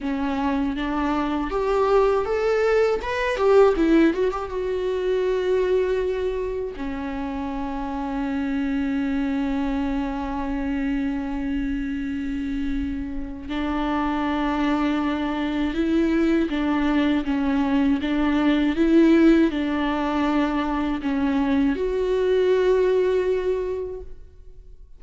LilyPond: \new Staff \with { instrumentName = "viola" } { \time 4/4 \tempo 4 = 80 cis'4 d'4 g'4 a'4 | b'8 g'8 e'8 fis'16 g'16 fis'2~ | fis'4 cis'2.~ | cis'1~ |
cis'2 d'2~ | d'4 e'4 d'4 cis'4 | d'4 e'4 d'2 | cis'4 fis'2. | }